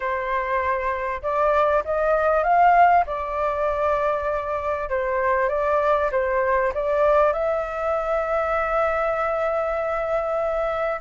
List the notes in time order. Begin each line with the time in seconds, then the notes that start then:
0.00 C5
1.22 D5
1.84 D#5
2.43 F5
3.06 D5
4.89 C5
5.49 D5
6.11 C5
6.74 D5
7.32 E5